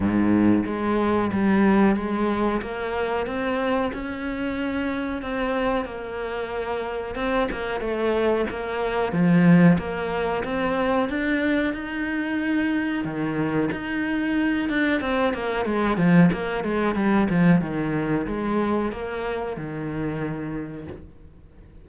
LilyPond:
\new Staff \with { instrumentName = "cello" } { \time 4/4 \tempo 4 = 92 gis,4 gis4 g4 gis4 | ais4 c'4 cis'2 | c'4 ais2 c'8 ais8 | a4 ais4 f4 ais4 |
c'4 d'4 dis'2 | dis4 dis'4. d'8 c'8 ais8 | gis8 f8 ais8 gis8 g8 f8 dis4 | gis4 ais4 dis2 | }